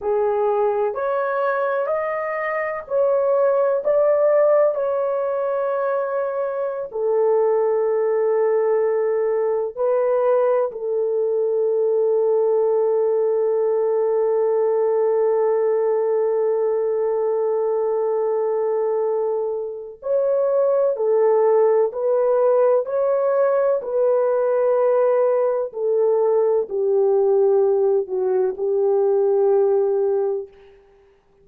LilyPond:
\new Staff \with { instrumentName = "horn" } { \time 4/4 \tempo 4 = 63 gis'4 cis''4 dis''4 cis''4 | d''4 cis''2~ cis''16 a'8.~ | a'2~ a'16 b'4 a'8.~ | a'1~ |
a'1~ | a'4 cis''4 a'4 b'4 | cis''4 b'2 a'4 | g'4. fis'8 g'2 | }